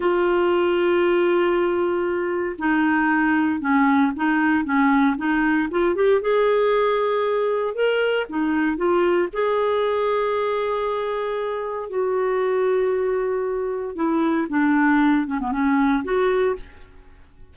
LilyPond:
\new Staff \with { instrumentName = "clarinet" } { \time 4/4 \tempo 4 = 116 f'1~ | f'4 dis'2 cis'4 | dis'4 cis'4 dis'4 f'8 g'8 | gis'2. ais'4 |
dis'4 f'4 gis'2~ | gis'2. fis'4~ | fis'2. e'4 | d'4. cis'16 b16 cis'4 fis'4 | }